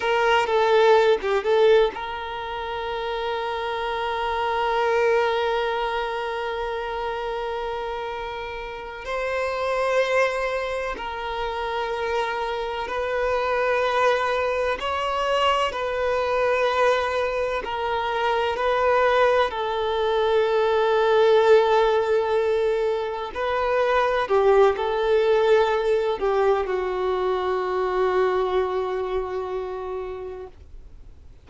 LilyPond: \new Staff \with { instrumentName = "violin" } { \time 4/4 \tempo 4 = 63 ais'8 a'8. g'16 a'8 ais'2~ | ais'1~ | ais'4. c''2 ais'8~ | ais'4. b'2 cis''8~ |
cis''8 b'2 ais'4 b'8~ | b'8 a'2.~ a'8~ | a'8 b'4 g'8 a'4. g'8 | fis'1 | }